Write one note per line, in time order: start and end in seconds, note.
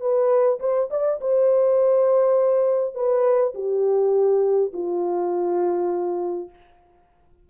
0.00 0.59 B4
0.59 0.89 C5
0.90 1.20 D5
1.21 2.94 C5
2.94 3.53 B4
3.54 4.72 G4
4.73 6.49 F4